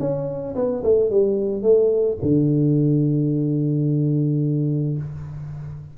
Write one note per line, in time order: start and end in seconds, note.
0.00 0.55 C#4
0.56 0.83 B3
0.84 1.10 A3
1.10 1.63 G3
1.63 2.18 A3
2.22 4.98 D3